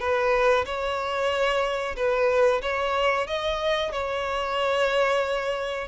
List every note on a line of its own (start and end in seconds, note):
0.00 0.65 B4
0.66 1.96 C#5
1.97 2.62 B4
2.62 3.27 C#5
3.27 3.92 D#5
3.92 5.88 C#5